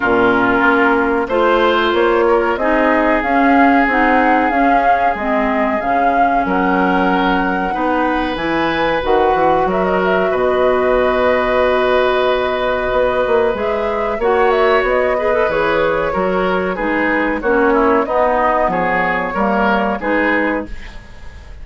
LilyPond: <<
  \new Staff \with { instrumentName = "flute" } { \time 4/4 \tempo 4 = 93 ais'2 c''4 cis''4 | dis''4 f''4 fis''4 f''4 | dis''4 f''4 fis''2~ | fis''4 gis''4 fis''4 e''16 dis''16 e''8 |
dis''1~ | dis''4 e''4 fis''8 e''8 dis''4 | cis''2 b'4 cis''4 | dis''4 cis''2 b'4 | }
  \new Staff \with { instrumentName = "oboe" } { \time 4/4 f'2 c''4. ais'8 | gis'1~ | gis'2 ais'2 | b'2. ais'4 |
b'1~ | b'2 cis''4. b'8~ | b'4 ais'4 gis'4 fis'8 e'8 | dis'4 gis'4 ais'4 gis'4 | }
  \new Staff \with { instrumentName = "clarinet" } { \time 4/4 cis'2 f'2 | dis'4 cis'4 dis'4 cis'4 | c'4 cis'2. | dis'4 e'4 fis'2~ |
fis'1~ | fis'4 gis'4 fis'4. gis'16 a'16 | gis'4 fis'4 dis'4 cis'4 | b2 ais4 dis'4 | }
  \new Staff \with { instrumentName = "bassoon" } { \time 4/4 ais,4 ais4 a4 ais4 | c'4 cis'4 c'4 cis'4 | gis4 cis4 fis2 | b4 e4 dis8 e8 fis4 |
b,1 | b8 ais8 gis4 ais4 b4 | e4 fis4 gis4 ais4 | b4 f4 g4 gis4 | }
>>